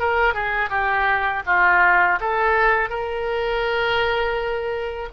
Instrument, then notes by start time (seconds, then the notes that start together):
oboe
0.00 A#4
0.34 G#4
0.70 G4
1.46 F4
2.21 A4
2.90 A#4